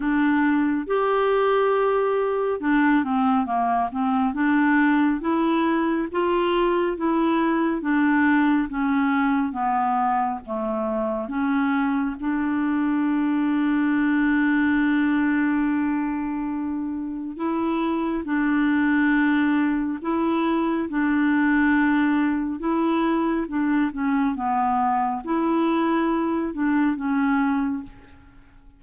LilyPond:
\new Staff \with { instrumentName = "clarinet" } { \time 4/4 \tempo 4 = 69 d'4 g'2 d'8 c'8 | ais8 c'8 d'4 e'4 f'4 | e'4 d'4 cis'4 b4 | a4 cis'4 d'2~ |
d'1 | e'4 d'2 e'4 | d'2 e'4 d'8 cis'8 | b4 e'4. d'8 cis'4 | }